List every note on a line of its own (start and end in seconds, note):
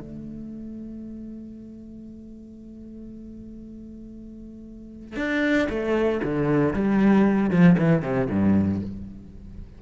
0.00 5.16 A3
5.16 5.68 D4
5.69 6.21 A3
6.24 6.74 D3
6.74 7.50 G3
7.50 7.76 F3
7.78 8.02 E3
8.02 8.28 C3
8.30 8.82 G2